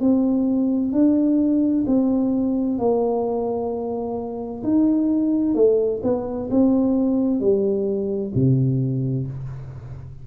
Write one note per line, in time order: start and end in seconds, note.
0.00 0.92 C4
0.92 1.85 D4
1.87 2.79 C4
2.79 4.63 A#3
4.63 5.55 D#4
5.55 6.01 A3
6.03 6.49 B3
6.51 7.40 C4
7.40 8.32 G3
8.35 9.27 C3